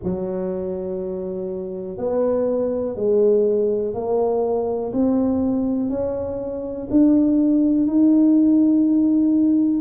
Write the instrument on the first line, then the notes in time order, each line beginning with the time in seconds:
tuba
0.03 F#3
1.97 B3
2.96 G#3
3.93 A#3
4.92 C4
5.89 C#4
6.90 D4
7.86 D#4